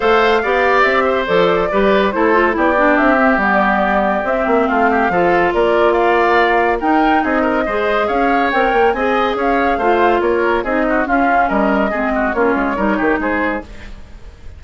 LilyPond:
<<
  \new Staff \with { instrumentName = "flute" } { \time 4/4 \tempo 4 = 141 f''2 e''4 d''4~ | d''4 c''4 d''4 e''4 | d''2 e''4 f''4~ | f''4 d''4 f''2 |
g''4 dis''2 f''4 | g''4 gis''4 f''2 | cis''4 dis''4 f''4 dis''4~ | dis''4 cis''2 c''4 | }
  \new Staff \with { instrumentName = "oboe" } { \time 4/4 c''4 d''4. c''4. | b'4 a'4 g'2~ | g'2. f'8 g'8 | a'4 ais'4 d''2 |
ais'4 gis'8 ais'8 c''4 cis''4~ | cis''4 dis''4 cis''4 c''4 | ais'4 gis'8 fis'8 f'4 ais'4 | gis'8 fis'8 f'4 ais'8 g'8 gis'4 | }
  \new Staff \with { instrumentName = "clarinet" } { \time 4/4 a'4 g'2 a'4 | g'4 e'8 f'8 e'8 d'4 c'8 | b2 c'2 | f'1 |
dis'2 gis'2 | ais'4 gis'2 f'4~ | f'4 dis'4 cis'2 | c'4 cis'4 dis'2 | }
  \new Staff \with { instrumentName = "bassoon" } { \time 4/4 a4 b4 c'4 f4 | g4 a4 b4 c'4 | g2 c'8 ais8 a4 | f4 ais2. |
dis'4 c'4 gis4 cis'4 | c'8 ais8 c'4 cis'4 a4 | ais4 c'4 cis'4 g4 | gis4 ais8 gis8 g8 dis8 gis4 | }
>>